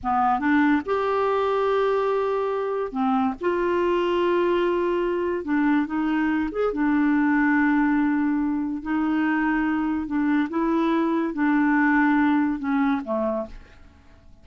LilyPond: \new Staff \with { instrumentName = "clarinet" } { \time 4/4 \tempo 4 = 143 b4 d'4 g'2~ | g'2. c'4 | f'1~ | f'4 d'4 dis'4. gis'8 |
d'1~ | d'4 dis'2. | d'4 e'2 d'4~ | d'2 cis'4 a4 | }